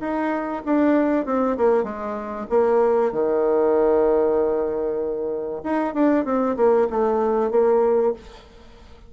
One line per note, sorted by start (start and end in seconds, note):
0.00 0.62 D#4
0.65 1.26 D4
1.26 1.57 C4
1.57 1.84 A#3
1.84 2.46 G#3
2.50 3.12 A#3
3.12 5.62 D#3
5.64 5.94 D#4
5.94 6.25 D4
6.25 6.56 C4
6.57 6.88 A#3
6.90 7.51 A3
7.51 8.13 A#3